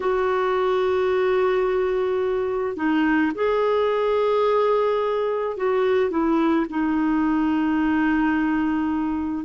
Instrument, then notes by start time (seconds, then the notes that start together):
clarinet
0.00 F#4
2.76 D#4
3.34 G#4
5.56 F#4
6.10 E4
6.69 D#4